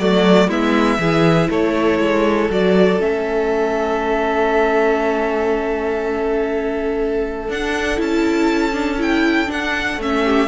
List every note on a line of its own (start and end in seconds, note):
0.00 0.48 F#3
0.00 0.50 A3
0.00 0.49 F#4
0.00 0.50 D5
0.48 0.98 G#3
0.48 1.00 B3
0.48 0.99 E4
0.48 1.51 E5
0.99 1.49 E3
0.99 2.50 E4
0.99 1.50 G#4
1.50 2.00 A3
1.50 10.24 A4
1.50 2.51 C#5
2.00 2.50 G#3
2.50 3.00 F#3
2.50 2.99 F#4
2.50 3.02 D5
2.99 7.49 A3
2.99 7.49 C#4
2.99 7.51 E5
7.49 7.99 D4
7.49 7.97 D4
7.49 8.01 F#5
7.97 9.50 C#4
7.97 8.72 E4
7.97 9.01 A5
8.73 8.98 D4
8.98 9.47 E4
8.98 9.52 G5
9.47 9.97 D4
9.47 9.98 D4
9.47 10.02 F#5
9.98 10.48 A3
9.98 10.48 C#4
9.98 10.48 E5
10.24 10.48 G4